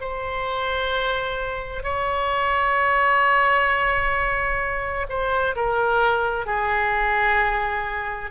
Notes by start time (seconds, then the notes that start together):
0.00 C5
1.83 C#5
5.09 C5
5.56 A#4
6.46 G#4